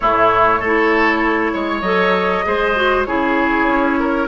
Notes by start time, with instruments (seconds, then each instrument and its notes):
0.00 bassoon A2, clarinet A3, oboe E4, flute C#5
0.59 bassoon A3, oboe A4
0.65 clarinet E4
1.53 bassoon G#3, oboe C#5
1.81 bassoon F#3, clarinet A4, flute D#5
2.44 bassoon G#3, clarinet G#4, oboe C5
2.75 clarinet F#4
3.04 bassoon C#3, clarinet E4, oboe G#4, flute C#5
3.67 bassoon C#4
3.99 oboe A#4